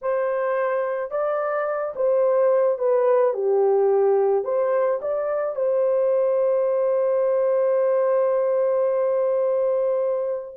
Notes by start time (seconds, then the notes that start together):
0.01 C5
1.10 D5
1.95 C5
2.78 B4
3.33 G4
4.44 C5
5.02 D5
5.55 C5